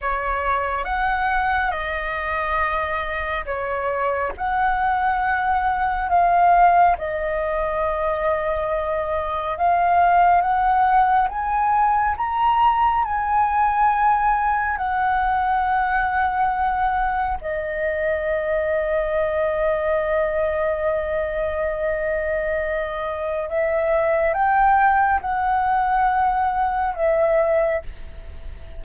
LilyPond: \new Staff \with { instrumentName = "flute" } { \time 4/4 \tempo 4 = 69 cis''4 fis''4 dis''2 | cis''4 fis''2 f''4 | dis''2. f''4 | fis''4 gis''4 ais''4 gis''4~ |
gis''4 fis''2. | dis''1~ | dis''2. e''4 | g''4 fis''2 e''4 | }